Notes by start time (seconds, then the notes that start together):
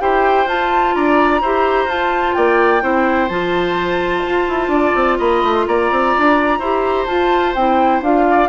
0.00 E4 G4 C5 G5
0.46 F4 A5
0.95 D4 D5 A#5
1.41 E4 G4 C5
1.85 F4 A5
2.34 A#3 D5 G5
2.81 C4 E4 C5
3.29 F3 F4 A5
4.26 F4
4.48 E4
4.68 D4 D5
4.95 C4
5.18 A#3 D#5 B5
5.43 A3
5.55 C6
5.67 A#3 D5 A#5
5.91 C4
6.18 D4
6.59 E4 G4 C5
7.06 F4 A5
7.55 C4 E4 G5
8.02 D4 F4 F5
8.31 D5